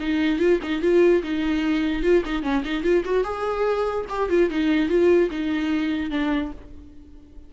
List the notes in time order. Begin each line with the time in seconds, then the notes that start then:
0.00 D#4
0.39 F4
0.63 D#4
0.81 F4
1.23 D#4
2.03 F4
2.25 D#4
2.43 C#4
2.65 D#4
2.83 F4
3.05 F#4
3.24 G#4
4.09 G4
4.30 F4
4.50 D#4
4.89 F4
5.30 D#4
6.11 D4